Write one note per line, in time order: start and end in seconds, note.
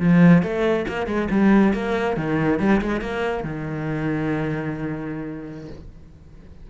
0.00 0.43 F3
0.43 0.86 A3
0.89 1.07 A#3
1.07 1.28 G#3
1.31 1.74 G3
1.74 2.17 A#3
2.17 2.60 D#3
2.60 2.81 G3
2.82 3.01 G#3
3.01 3.44 A#3
3.44 5.69 D#3